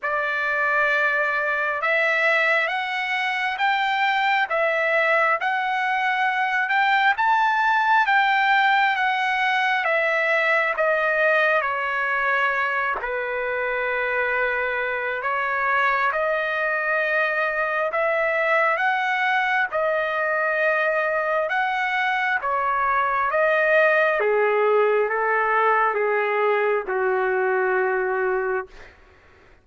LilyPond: \new Staff \with { instrumentName = "trumpet" } { \time 4/4 \tempo 4 = 67 d''2 e''4 fis''4 | g''4 e''4 fis''4. g''8 | a''4 g''4 fis''4 e''4 | dis''4 cis''4. b'4.~ |
b'4 cis''4 dis''2 | e''4 fis''4 dis''2 | fis''4 cis''4 dis''4 gis'4 | a'4 gis'4 fis'2 | }